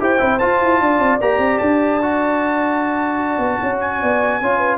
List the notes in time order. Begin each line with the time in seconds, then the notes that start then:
0.00 E4 G4 C5 G5
0.19 C4 E4
0.39 F4 A5
0.61 E4
0.81 D4 D5
0.99 C4
1.21 A#3 G4 A#5
1.39 C4
1.59 D4 A5
2.02 F#4
3.39 B3
3.62 C#4 C#5
3.80 G#5
4.01 B3 D5
4.42 C#4 F4 C#5
4.58 B4